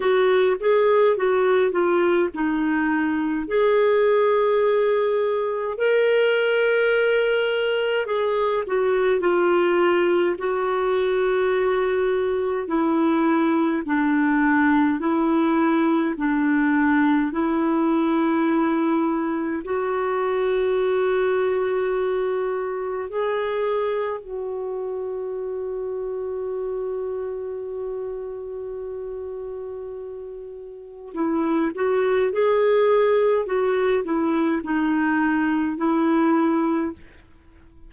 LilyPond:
\new Staff \with { instrumentName = "clarinet" } { \time 4/4 \tempo 4 = 52 fis'8 gis'8 fis'8 f'8 dis'4 gis'4~ | gis'4 ais'2 gis'8 fis'8 | f'4 fis'2 e'4 | d'4 e'4 d'4 e'4~ |
e'4 fis'2. | gis'4 fis'2.~ | fis'2. e'8 fis'8 | gis'4 fis'8 e'8 dis'4 e'4 | }